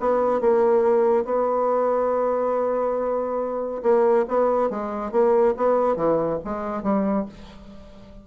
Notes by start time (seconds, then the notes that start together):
0.00 B3
0.41 A#3
1.25 B3
3.83 A#3
4.28 B3
4.70 G#3
5.12 A#3
5.57 B3
5.96 E3
6.45 G#3
6.83 G3